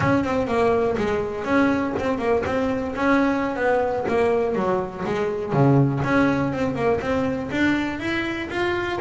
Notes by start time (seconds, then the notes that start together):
0.00 C#4
0.23 C4
0.47 A#3
0.97 G#3
1.44 C#4
1.99 C4
2.18 A#3
2.45 C4
2.95 C#4
3.55 B3
4.08 A#3
4.55 F#3
5.05 G#3
5.52 C#3
6.04 C#4
6.53 C4
6.75 A#3
7.00 C4
7.51 D4
7.99 E4
8.49 F4